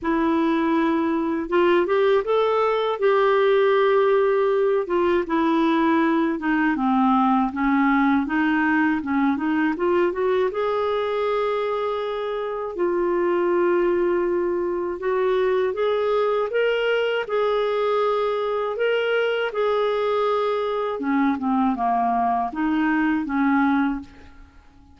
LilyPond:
\new Staff \with { instrumentName = "clarinet" } { \time 4/4 \tempo 4 = 80 e'2 f'8 g'8 a'4 | g'2~ g'8 f'8 e'4~ | e'8 dis'8 c'4 cis'4 dis'4 | cis'8 dis'8 f'8 fis'8 gis'2~ |
gis'4 f'2. | fis'4 gis'4 ais'4 gis'4~ | gis'4 ais'4 gis'2 | cis'8 c'8 ais4 dis'4 cis'4 | }